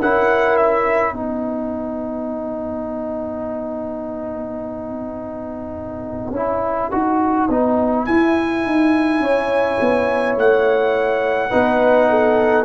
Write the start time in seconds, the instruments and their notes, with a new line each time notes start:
0.00 tuba C#4, trombone E4, horn A#4, trumpet F#5
0.56 trumpet E5
1.12 tuba B3, trombone D#4, horn B4, trumpet F#5
6.30 tuba C#4, trombone E4
6.91 tuba D#4, trombone F#4
7.49 tuba B3, trombone D#4
8.06 tuba E4, trombone E4, trumpet G#5
8.65 tuba D#4
9.20 tuba C#4, horn C#5
9.81 tuba B3
10.37 tuba A3, trumpet F#5
11.50 tuba B3, trombone D#4, horn B4
12.10 horn A4